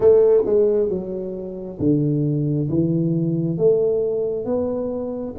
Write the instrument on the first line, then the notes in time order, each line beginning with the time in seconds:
tuba
0.00 A3
0.45 G#3
0.89 F#3
1.79 D3
2.69 E3
3.57 A3
4.45 B3